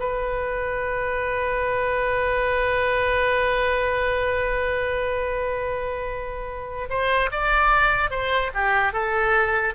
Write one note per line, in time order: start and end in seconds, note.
0.00 6.89 B4
6.90 7.30 C5
7.32 8.11 D5
8.11 8.51 C5
8.54 8.93 G4
8.93 9.74 A4